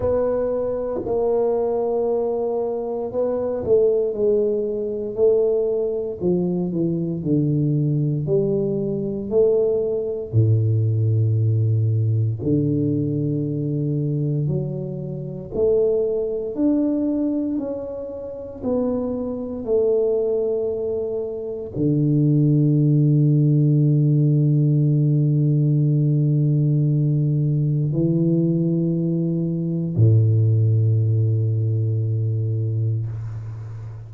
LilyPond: \new Staff \with { instrumentName = "tuba" } { \time 4/4 \tempo 4 = 58 b4 ais2 b8 a8 | gis4 a4 f8 e8 d4 | g4 a4 a,2 | d2 fis4 a4 |
d'4 cis'4 b4 a4~ | a4 d2.~ | d2. e4~ | e4 a,2. | }